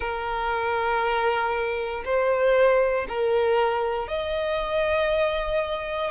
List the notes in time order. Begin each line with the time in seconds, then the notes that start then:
0.00 A#4
2.04 C5
3.08 A#4
4.07 D#5